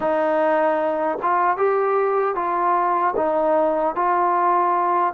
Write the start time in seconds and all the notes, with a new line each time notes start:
0.00 D#4
1.22 F4
1.57 G4
2.35 F4
3.16 D#4
3.95 F4